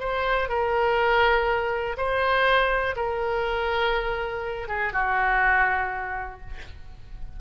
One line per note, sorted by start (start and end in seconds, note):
0.00 0.49 C5
0.49 1.97 A#4
1.98 2.96 C5
2.96 4.69 A#4
4.69 4.93 G#4
4.93 6.41 F#4